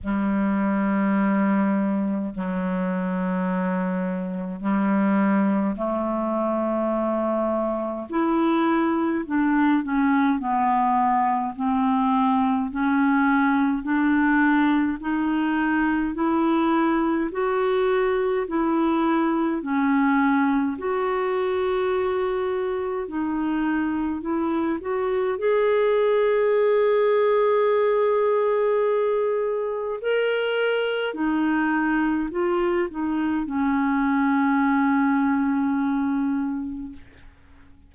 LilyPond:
\new Staff \with { instrumentName = "clarinet" } { \time 4/4 \tempo 4 = 52 g2 fis2 | g4 a2 e'4 | d'8 cis'8 b4 c'4 cis'4 | d'4 dis'4 e'4 fis'4 |
e'4 cis'4 fis'2 | dis'4 e'8 fis'8 gis'2~ | gis'2 ais'4 dis'4 | f'8 dis'8 cis'2. | }